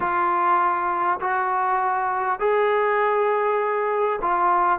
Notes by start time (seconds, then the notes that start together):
0.00 F4
1.20 F#4
2.39 G#4
4.21 F4